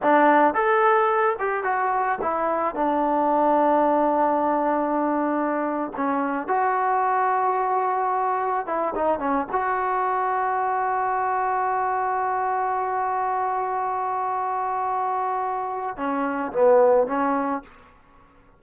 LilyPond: \new Staff \with { instrumentName = "trombone" } { \time 4/4 \tempo 4 = 109 d'4 a'4. g'8 fis'4 | e'4 d'2.~ | d'2~ d'8. cis'4 fis'16~ | fis'2.~ fis'8. e'16~ |
e'16 dis'8 cis'8 fis'2~ fis'8.~ | fis'1~ | fis'1~ | fis'4 cis'4 b4 cis'4 | }